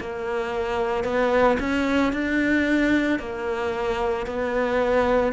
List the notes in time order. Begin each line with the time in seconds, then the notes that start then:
0.00 A#3
1.04 B3
1.60 C#4
2.13 D4
3.19 A#3
4.26 B3